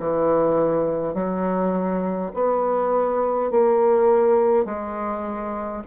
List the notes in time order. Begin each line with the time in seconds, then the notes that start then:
0.00 E3
1.14 F#3
2.34 B3
3.51 A#3
4.66 G#3